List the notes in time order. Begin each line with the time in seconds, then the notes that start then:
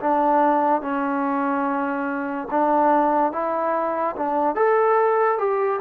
0.00 D4
0.82 C#4
2.51 D4
3.33 E4
4.16 D4
4.56 A4
5.39 G4